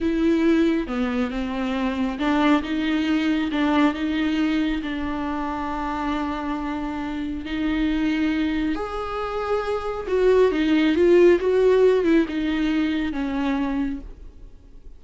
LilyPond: \new Staff \with { instrumentName = "viola" } { \time 4/4 \tempo 4 = 137 e'2 b4 c'4~ | c'4 d'4 dis'2 | d'4 dis'2 d'4~ | d'1~ |
d'4 dis'2. | gis'2. fis'4 | dis'4 f'4 fis'4. e'8 | dis'2 cis'2 | }